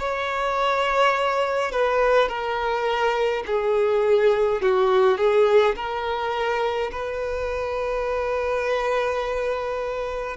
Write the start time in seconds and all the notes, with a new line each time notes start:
0.00 C#5
1.72 B4
2.29 A#4
3.47 G#4
4.62 F#4
5.18 G#4
5.76 A#4
6.92 B4